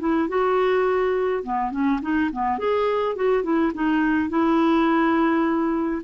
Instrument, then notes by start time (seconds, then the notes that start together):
clarinet
0.00 E4
0.29 F#4
1.43 B3
1.72 C#4
2.02 D#4
2.32 B3
2.59 G#4
3.16 F#4
3.43 E4
3.74 D#4
4.29 E4